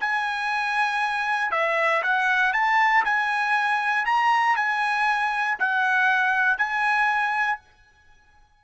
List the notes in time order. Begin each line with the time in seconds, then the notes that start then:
0.00 G#5
1.51 E5
2.02 F#5
2.53 A5
3.05 G#5
4.05 A#5
4.56 G#5
5.59 F#5
6.58 G#5